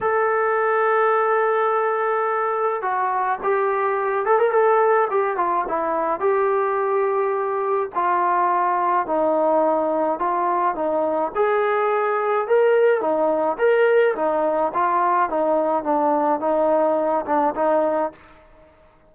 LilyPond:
\new Staff \with { instrumentName = "trombone" } { \time 4/4 \tempo 4 = 106 a'1~ | a'4 fis'4 g'4. a'16 ais'16 | a'4 g'8 f'8 e'4 g'4~ | g'2 f'2 |
dis'2 f'4 dis'4 | gis'2 ais'4 dis'4 | ais'4 dis'4 f'4 dis'4 | d'4 dis'4. d'8 dis'4 | }